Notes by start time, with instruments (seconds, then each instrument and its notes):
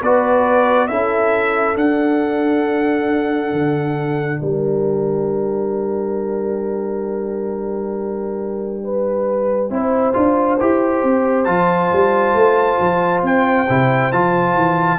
0.00 tuba B3, trombone F#4, horn B4, trumpet D5
0.87 tuba C#4, trombone E4, horn A4, trumpet E5
1.76 tuba D4, trombone D4, trumpet F#5
3.52 tuba D3
4.41 tuba G3, horn A#4, trumpet G5
8.84 horn B4
9.69 tuba C4, trombone E4, horn C5
10.13 tuba D4, trombone F4
10.60 tuba E4, trombone G4
11.03 tuba C4
11.44 tuba F3, trombone F4, trumpet A5
11.92 tuba G3
12.33 tuba A3
12.79 tuba F3
13.22 tuba C4, trumpet G5
13.69 tuba C3, trombone E4
14.12 tuba F3, trombone F4, trumpet A5
14.54 tuba E3